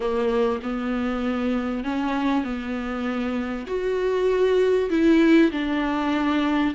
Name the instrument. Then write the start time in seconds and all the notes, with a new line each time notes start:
viola
0.00 A#3
0.62 B3
1.84 C#4
2.44 B3
3.67 F#4
4.90 E4
5.51 D4